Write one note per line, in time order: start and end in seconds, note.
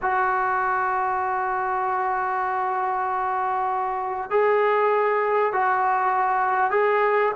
0.01 4.30 F#4
4.30 5.52 G#4
5.52 6.70 F#4
6.70 7.32 G#4